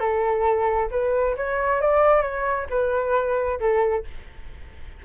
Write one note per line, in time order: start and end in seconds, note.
0.00 0.90 A4
0.91 1.36 B4
1.37 1.81 C#5
1.81 2.22 D5
2.22 2.67 C#5
2.70 3.59 B4
3.60 4.05 A4